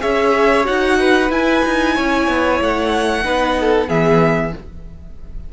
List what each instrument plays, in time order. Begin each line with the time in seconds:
0.00 cello C#4, viola G#4, violin C#5 E5
0.64 cello D#4, viola F#4, violin F#5
0.99 violin B4
1.30 cello E4, viola E4, violin G#5
1.66 cello D#4
1.95 cello C#4, violin C#5
2.28 cello B3
2.61 cello A3, violin F#5
3.24 cello B3, viola D#4, violin B4
3.61 violin A4
3.89 cello E3, viola B3, violin G#4 E5